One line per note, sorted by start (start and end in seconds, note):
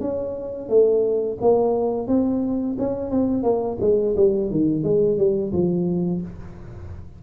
0.00 0.69 C#4
0.69 1.38 A3
1.41 2.08 A#3
2.08 2.76 C4
2.79 3.10 C#4
3.10 3.43 C4
3.43 3.77 A#3
3.81 4.15 G#3
4.16 4.50 G3
4.50 4.83 D#3
4.83 5.18 G#3
5.18 5.52 G3
5.52 6.21 F3